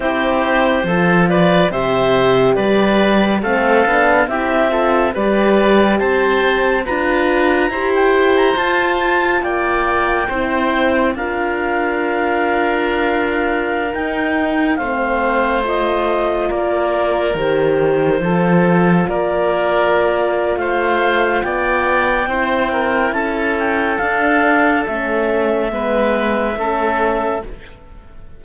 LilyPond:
<<
  \new Staff \with { instrumentName = "clarinet" } { \time 4/4 \tempo 4 = 70 c''4. d''8 e''4 d''4 | f''4 e''4 d''4 a''4 | ais''4~ ais''16 g''8 ais''16 a''4 g''4~ | g''4 f''2.~ |
f''16 g''4 f''4 dis''4 d''8.~ | d''16 c''2 d''4.~ d''16 | f''4 g''2 a''8 g''8 | f''4 e''2. | }
  \new Staff \with { instrumentName = "oboe" } { \time 4/4 g'4 a'8 b'8 c''4 b'4 | a'4 g'8 a'8 b'4 c''4 | b'4 c''2 d''4 | c''4 ais'2.~ |
ais'4~ ais'16 c''2 ais'8.~ | ais'4~ ais'16 a'4 ais'4.~ ais'16 | c''4 d''4 c''8 ais'8 a'4~ | a'2 b'4 a'4 | }
  \new Staff \with { instrumentName = "horn" } { \time 4/4 e'4 f'4 g'2 | c'8 d'8 e'8 f'8 g'2 | f'4 g'4 f'2 | e'4 f'2.~ |
f'16 dis'4 c'4 f'4.~ f'16~ | f'16 g'4 f'2~ f'8.~ | f'2 e'2 | d'4 cis'4 b4 cis'4 | }
  \new Staff \with { instrumentName = "cello" } { \time 4/4 c'4 f4 c4 g4 | a8 b8 c'4 g4 c'4 | d'4 e'4 f'4 ais4 | c'4 d'2.~ |
d'16 dis'4 a2 ais8.~ | ais16 dis4 f4 ais4.~ ais16 | a4 b4 c'4 cis'4 | d'4 a4 gis4 a4 | }
>>